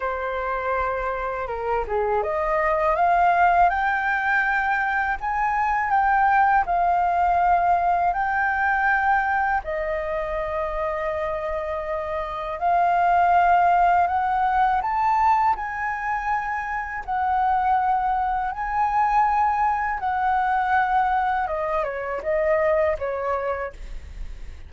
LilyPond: \new Staff \with { instrumentName = "flute" } { \time 4/4 \tempo 4 = 81 c''2 ais'8 gis'8 dis''4 | f''4 g''2 gis''4 | g''4 f''2 g''4~ | g''4 dis''2.~ |
dis''4 f''2 fis''4 | a''4 gis''2 fis''4~ | fis''4 gis''2 fis''4~ | fis''4 dis''8 cis''8 dis''4 cis''4 | }